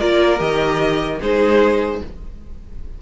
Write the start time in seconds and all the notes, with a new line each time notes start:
0.00 A#3 F4 A#4 D5
0.38 D#3 G4 D#5
1.22 G#3 D#4 G#4 C5